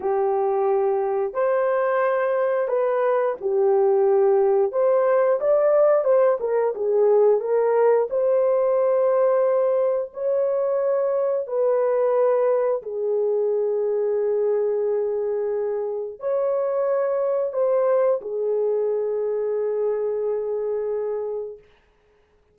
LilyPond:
\new Staff \with { instrumentName = "horn" } { \time 4/4 \tempo 4 = 89 g'2 c''2 | b'4 g'2 c''4 | d''4 c''8 ais'8 gis'4 ais'4 | c''2. cis''4~ |
cis''4 b'2 gis'4~ | gis'1 | cis''2 c''4 gis'4~ | gis'1 | }